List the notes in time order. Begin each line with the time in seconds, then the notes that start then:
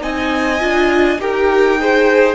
0.00 C4 D#4 D#5 G#5
0.59 D4 F4
1.19 D#4 G4 A#4 G5
1.78 G#4 C5